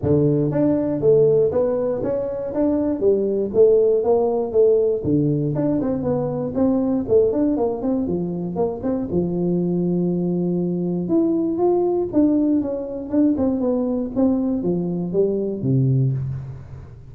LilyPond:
\new Staff \with { instrumentName = "tuba" } { \time 4/4 \tempo 4 = 119 d4 d'4 a4 b4 | cis'4 d'4 g4 a4 | ais4 a4 d4 d'8 c'8 | b4 c'4 a8 d'8 ais8 c'8 |
f4 ais8 c'8 f2~ | f2 e'4 f'4 | d'4 cis'4 d'8 c'8 b4 | c'4 f4 g4 c4 | }